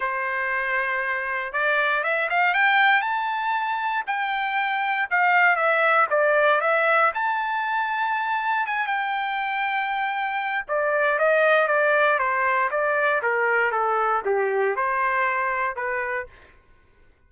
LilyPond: \new Staff \with { instrumentName = "trumpet" } { \time 4/4 \tempo 4 = 118 c''2. d''4 | e''8 f''8 g''4 a''2 | g''2 f''4 e''4 | d''4 e''4 a''2~ |
a''4 gis''8 g''2~ g''8~ | g''4 d''4 dis''4 d''4 | c''4 d''4 ais'4 a'4 | g'4 c''2 b'4 | }